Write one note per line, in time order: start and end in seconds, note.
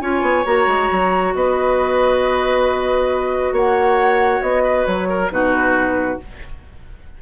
0.00 0.21 C#4
0.00 0.44 F4
0.00 1.33 C#5
0.00 0.44 G#5
0.21 0.43 B3
0.44 0.67 A#3
0.44 5.30 F#4
0.44 1.34 A#5
0.67 0.89 G#3
0.91 1.34 F#3
1.34 3.52 B3
1.34 3.53 B4
1.34 3.55 D#5
3.52 4.40 A#3
3.52 4.63 C#5
3.52 4.42 F#5
4.41 4.85 B3
4.41 4.86 D#5
4.64 5.08 B4
4.86 5.30 F#3
4.86 5.30 C#5
5.09 5.31 A#4
5.30 6.18 B2
5.30 6.18 D#4
5.30 6.22 F#4
5.30 6.19 B4